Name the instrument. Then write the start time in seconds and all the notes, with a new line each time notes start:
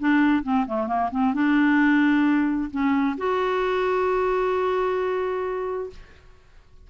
clarinet
0.00 D4
0.44 C4
0.67 A3
0.88 A#3
1.12 C4
1.35 D4
2.71 C#4
3.18 F#4